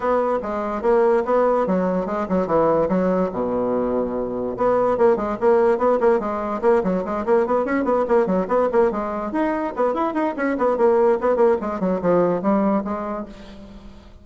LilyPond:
\new Staff \with { instrumentName = "bassoon" } { \time 4/4 \tempo 4 = 145 b4 gis4 ais4 b4 | fis4 gis8 fis8 e4 fis4 | b,2. b4 | ais8 gis8 ais4 b8 ais8 gis4 |
ais8 fis8 gis8 ais8 b8 cis'8 b8 ais8 | fis8 b8 ais8 gis4 dis'4 b8 | e'8 dis'8 cis'8 b8 ais4 b8 ais8 | gis8 fis8 f4 g4 gis4 | }